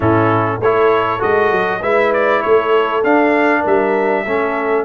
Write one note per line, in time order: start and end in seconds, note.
0.00 0.60 A2
0.00 0.60 C#4
0.00 0.59 E4
0.00 0.61 A4
0.60 1.20 A3
0.60 1.19 E4
0.60 1.81 A4
0.60 1.21 C#5
1.19 1.51 G#3
1.19 1.79 F#4
1.19 1.82 D#5
1.51 1.81 F#3
1.81 2.42 G#3
1.81 3.03 E4
1.81 2.42 B4
1.81 2.12 E5
2.13 2.42 D5
2.42 3.03 A3
2.42 3.60 A4
2.42 3.02 C#5
3.03 3.64 D4
3.03 4.25 D4
3.03 3.64 F5
3.60 4.25 G3
3.60 4.21 A#4
3.67 4.84 E5
4.25 4.84 A3
4.25 4.84 C#4
4.25 4.84 A4